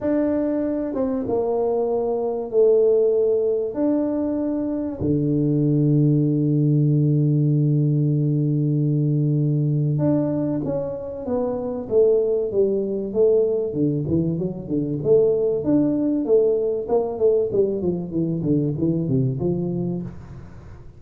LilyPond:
\new Staff \with { instrumentName = "tuba" } { \time 4/4 \tempo 4 = 96 d'4. c'8 ais2 | a2 d'2 | d1~ | d1 |
d'4 cis'4 b4 a4 | g4 a4 d8 e8 fis8 d8 | a4 d'4 a4 ais8 a8 | g8 f8 e8 d8 e8 c8 f4 | }